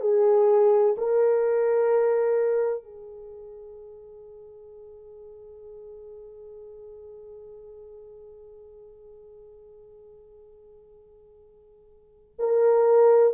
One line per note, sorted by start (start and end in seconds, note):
0.00 0.95 G#4
0.97 2.83 A#4
2.83 12.35 G#4
12.39 13.33 A#4